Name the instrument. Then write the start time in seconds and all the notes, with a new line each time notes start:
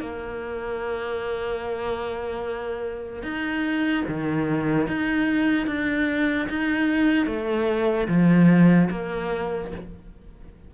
cello
0.00 A#3
3.23 D#4
4.08 D#3
4.87 D#4
5.67 D4
6.49 D#4
7.26 A3
8.08 F3
8.90 A#3